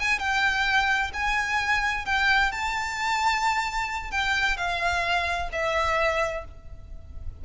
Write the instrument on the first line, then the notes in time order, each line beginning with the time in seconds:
violin
0.00 G#5
0.19 G5
1.13 G#5
2.06 G5
2.52 A5
4.11 G5
4.57 F5
5.52 E5